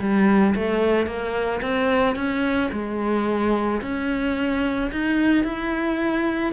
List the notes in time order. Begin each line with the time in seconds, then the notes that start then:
0.00 G3
0.55 A3
1.07 A#3
1.62 C4
2.16 C#4
2.72 G#3
3.82 C#4
4.92 D#4
5.44 E4